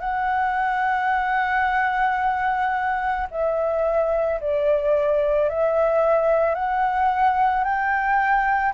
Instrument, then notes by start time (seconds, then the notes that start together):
flute
0.00 F#5
3.31 E5
4.40 D5
5.49 E5
6.55 F#5
7.64 G5